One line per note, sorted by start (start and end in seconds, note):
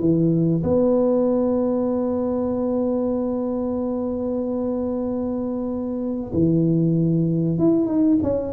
0.00 0.63 E3
0.63 6.32 B3
6.34 7.59 E3
7.59 7.86 E4
7.86 8.18 D#4
8.23 8.53 C#4